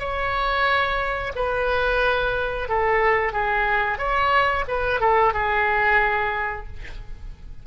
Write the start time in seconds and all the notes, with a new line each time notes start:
0.00 C#5
1.36 B4
2.69 A4
3.33 G#4
3.99 C#5
4.68 B4
5.01 A4
5.34 G#4